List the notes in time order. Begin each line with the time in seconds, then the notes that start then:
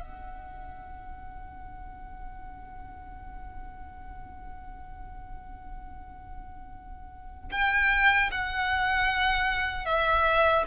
0.00 F#5
7.51 G5
8.31 F#5
9.85 E5